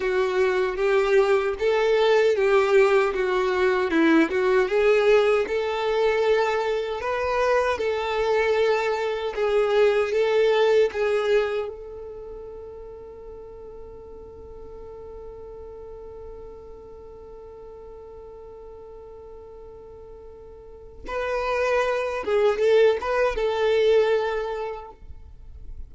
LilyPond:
\new Staff \with { instrumentName = "violin" } { \time 4/4 \tempo 4 = 77 fis'4 g'4 a'4 g'4 | fis'4 e'8 fis'8 gis'4 a'4~ | a'4 b'4 a'2 | gis'4 a'4 gis'4 a'4~ |
a'1~ | a'1~ | a'2. b'4~ | b'8 gis'8 a'8 b'8 a'2 | }